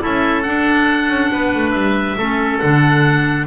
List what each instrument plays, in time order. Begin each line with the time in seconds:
0.00 double bass C#4, clarinet E4, oboe A4 E5
0.43 clarinet D4, double bass D4, oboe F#5
1.09 double bass C#4
1.32 double bass B3, oboe B4
1.55 double bass A3
1.71 double bass G3, oboe E5
2.18 double bass A3, clarinet C#4, oboe A4
2.60 double bass D3, clarinet D4, oboe F#5